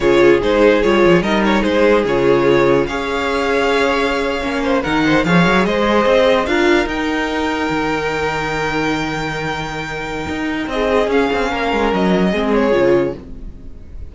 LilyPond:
<<
  \new Staff \with { instrumentName = "violin" } { \time 4/4 \tempo 4 = 146 cis''4 c''4 cis''4 dis''8 cis''8 | c''4 cis''2 f''4~ | f''2.~ f''8. fis''16~ | fis''8. f''4 dis''2 f''16~ |
f''8. g''2.~ g''16~ | g''1~ | g''2 dis''4 f''4~ | f''4 dis''4. cis''4. | }
  \new Staff \with { instrumentName = "violin" } { \time 4/4 gis'2. ais'4 | gis'2. cis''4~ | cis''2.~ cis''16 c''8 ais'16~ | ais'16 c''8 cis''4 c''2 ais'16~ |
ais'1~ | ais'1~ | ais'2 gis'2 | ais'2 gis'2 | }
  \new Staff \with { instrumentName = "viola" } { \time 4/4 f'4 dis'4 f'4 dis'4~ | dis'4 f'2 gis'4~ | gis'2~ gis'8. cis'4 dis'16~ | dis'8. gis'2. f'16~ |
f'8. dis'2.~ dis'16~ | dis'1~ | dis'2. cis'4~ | cis'2 c'4 f'4 | }
  \new Staff \with { instrumentName = "cello" } { \time 4/4 cis4 gis4 g8 f8 g4 | gis4 cis2 cis'4~ | cis'2~ cis'8. ais4 dis16~ | dis8. f8 fis8 gis4 c'4 d'16~ |
d'8. dis'2 dis4~ dis16~ | dis1~ | dis4 dis'4 c'4 cis'8 c'8 | ais8 gis8 fis4 gis4 cis4 | }
>>